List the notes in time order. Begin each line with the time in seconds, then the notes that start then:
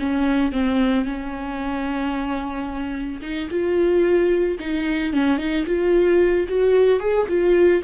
0.00 C#4
0.53 C4
1.05 C#4
3.22 D#4
3.51 F4
4.60 D#4
5.13 C#4
5.38 D#4
5.66 F4
6.49 F#4
7.00 G#4
7.29 F4